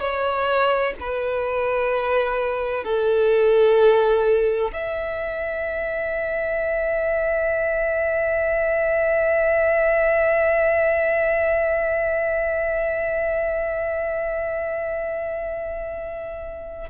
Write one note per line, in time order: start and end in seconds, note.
0.00 0.94 C#5
1.00 2.84 B4
2.84 4.71 A4
4.73 16.90 E5